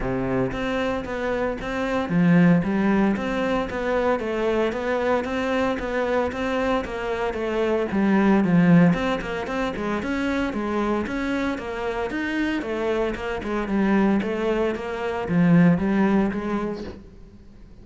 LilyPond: \new Staff \with { instrumentName = "cello" } { \time 4/4 \tempo 4 = 114 c4 c'4 b4 c'4 | f4 g4 c'4 b4 | a4 b4 c'4 b4 | c'4 ais4 a4 g4 |
f4 c'8 ais8 c'8 gis8 cis'4 | gis4 cis'4 ais4 dis'4 | a4 ais8 gis8 g4 a4 | ais4 f4 g4 gis4 | }